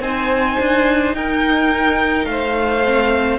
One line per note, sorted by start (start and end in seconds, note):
0.00 0.57 C4
0.00 2.84 D#4
0.00 1.16 C5
0.00 1.15 G#5
0.59 1.14 D4
1.14 2.26 D#4
1.14 2.30 A#4
1.14 2.25 G5
2.25 3.39 A3
2.25 3.39 C5
2.25 3.38 F5
2.84 3.39 C4